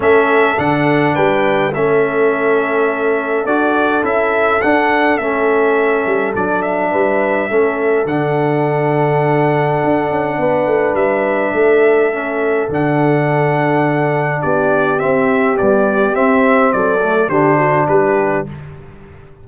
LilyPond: <<
  \new Staff \with { instrumentName = "trumpet" } { \time 4/4 \tempo 4 = 104 e''4 fis''4 g''4 e''4~ | e''2 d''4 e''4 | fis''4 e''2 d''8 e''8~ | e''2 fis''2~ |
fis''2. e''4~ | e''2 fis''2~ | fis''4 d''4 e''4 d''4 | e''4 d''4 c''4 b'4 | }
  \new Staff \with { instrumentName = "horn" } { \time 4/4 a'2 b'4 a'4~ | a'1~ | a'1 | b'4 a'2.~ |
a'2 b'2 | a'1~ | a'4 g'2.~ | g'4 a'4 g'8 fis'8 g'4 | }
  \new Staff \with { instrumentName = "trombone" } { \time 4/4 cis'4 d'2 cis'4~ | cis'2 fis'4 e'4 | d'4 cis'2 d'4~ | d'4 cis'4 d'2~ |
d'1~ | d'4 cis'4 d'2~ | d'2 c'4 g4 | c'4. a8 d'2 | }
  \new Staff \with { instrumentName = "tuba" } { \time 4/4 a4 d4 g4 a4~ | a2 d'4 cis'4 | d'4 a4. g8 fis4 | g4 a4 d2~ |
d4 d'8 cis'8 b8 a8 g4 | a2 d2~ | d4 b4 c'4 b4 | c'4 fis4 d4 g4 | }
>>